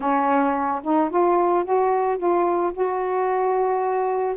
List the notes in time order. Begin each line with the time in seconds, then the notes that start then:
0.00 C#4
0.83 D#4
1.10 F4
1.64 F#4
2.17 F4
2.73 F#4